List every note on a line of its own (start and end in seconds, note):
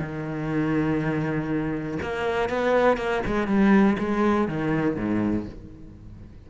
0.00 1.98 D#3
2.03 2.50 A#3
2.50 2.98 B3
2.98 3.23 A#3
3.27 3.48 G#3
3.48 3.97 G3
3.99 4.49 G#3
4.49 4.97 D#3
4.97 5.47 G#2